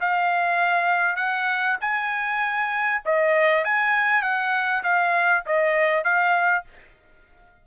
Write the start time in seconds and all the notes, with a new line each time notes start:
0.00 F5
1.16 F#5
1.81 G#5
3.05 D#5
3.64 G#5
4.22 F#5
4.83 F5
5.46 D#5
6.04 F5